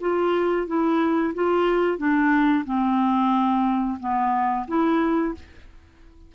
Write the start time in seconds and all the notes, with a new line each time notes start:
0.00 F4
0.67 E4
1.34 F4
1.98 D4
2.65 C4
3.99 B3
4.67 E4